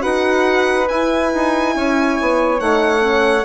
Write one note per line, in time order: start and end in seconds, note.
0.00 0.90 D#4
0.00 0.86 F#4
0.00 1.74 B4
0.00 0.88 F#5
0.89 2.60 E4
0.89 1.33 E4
0.89 2.60 G#5
1.34 1.76 D#4
1.76 2.19 C#4
1.76 3.45 C#5
2.21 2.61 B3
2.60 3.45 A3
2.60 3.00 D#4
2.60 3.45 F#5
3.00 3.43 C#4